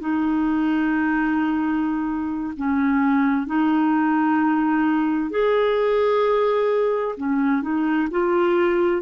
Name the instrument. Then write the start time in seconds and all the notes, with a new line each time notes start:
clarinet
0.00 D#4
2.57 C#4
3.47 D#4
5.30 G#4
7.17 C#4
7.62 D#4
8.11 F4